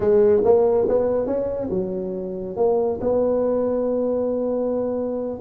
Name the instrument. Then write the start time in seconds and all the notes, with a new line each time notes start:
tuba
0.00 G#3
0.44 A#3
0.88 B3
1.26 C#4
1.70 F#3
2.56 A#3
3.00 B3